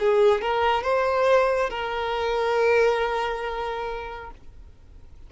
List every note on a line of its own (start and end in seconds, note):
0.00 0.42 G#4
0.42 0.83 A#4
0.83 1.70 C5
1.70 4.31 A#4